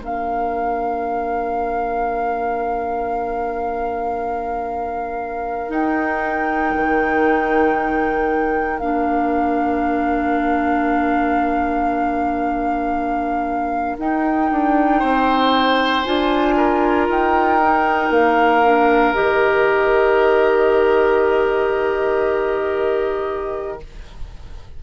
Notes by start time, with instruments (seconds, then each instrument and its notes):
0.00 bassoon A#3, clarinet D4, oboe A#4, flute F5
5.69 clarinet D#4, bassoon D#4, flute G5
6.76 bassoon D#3
8.79 bassoon A#3, clarinet D4, flute F5
13.98 clarinet D#4, bassoon D#4, flute G5
14.51 bassoon D4
14.99 bassoon C4, oboe C5
16.03 bassoon D4, clarinet F4, flute G#5
16.57 oboe A#4
17.09 bassoon D#4, flute G5
17.62 clarinet D#4
18.10 bassoon A#3, flute F5
18.64 clarinet D4
19.14 bassoon D#3, clarinet G4, flute D#5